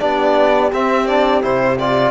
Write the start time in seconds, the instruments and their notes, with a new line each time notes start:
0.00 cello B3, trombone D4, horn G4, violin D5
0.72 trombone C4, cello C4, violin E5
1.07 trombone D4, violin D5
1.42 cello C3, trombone E4, violin C5
1.79 trombone F4, violin D5